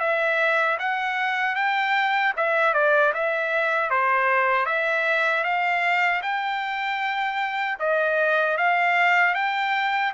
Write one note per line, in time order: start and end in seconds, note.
0.00 0.78 E5
0.79 1.55 F#5
1.55 2.33 G5
2.37 2.74 E5
2.74 3.13 D5
3.14 3.90 E5
3.90 4.66 C5
4.66 5.44 E5
5.44 6.22 F5
6.22 7.78 G5
7.80 8.57 D#5
8.57 9.35 F5
9.35 10.13 G5